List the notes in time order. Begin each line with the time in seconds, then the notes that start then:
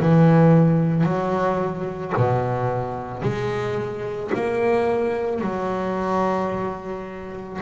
0.00 E3
1.04 F#3
2.17 B2
3.22 G#3
4.34 A#3
5.41 F#3